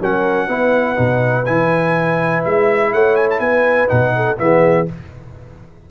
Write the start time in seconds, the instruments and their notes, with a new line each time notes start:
0.00 tuba F#3, trombone C#4, horn A#4, trumpet F#5
0.48 tuba B3, trombone E4, horn B4
0.96 tuba B2, trombone D#4
1.46 tuba E3, trombone E4, trumpet G#5
2.45 tuba G#3, trumpet E5
2.93 tuba A3, horn C#5, trumpet F#5
3.16 trumpet G#5
3.30 trumpet A5
3.40 tuba B3, horn B4, trumpet G#5
3.88 tuba B2, trombone D#4, trumpet F#5
4.16 horn A4
4.38 tuba E3, trombone B3, horn G#4, trumpet E5